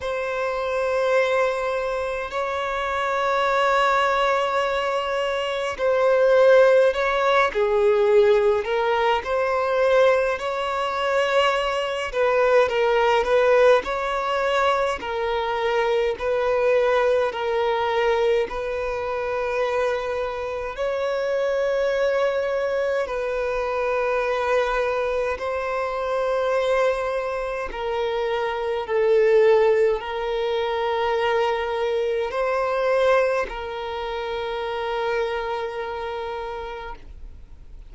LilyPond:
\new Staff \with { instrumentName = "violin" } { \time 4/4 \tempo 4 = 52 c''2 cis''2~ | cis''4 c''4 cis''8 gis'4 ais'8 | c''4 cis''4. b'8 ais'8 b'8 | cis''4 ais'4 b'4 ais'4 |
b'2 cis''2 | b'2 c''2 | ais'4 a'4 ais'2 | c''4 ais'2. | }